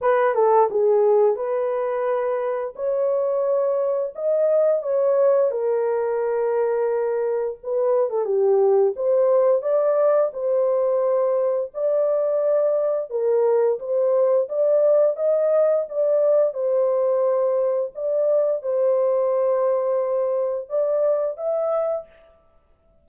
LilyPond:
\new Staff \with { instrumentName = "horn" } { \time 4/4 \tempo 4 = 87 b'8 a'8 gis'4 b'2 | cis''2 dis''4 cis''4 | ais'2. b'8. a'16 | g'4 c''4 d''4 c''4~ |
c''4 d''2 ais'4 | c''4 d''4 dis''4 d''4 | c''2 d''4 c''4~ | c''2 d''4 e''4 | }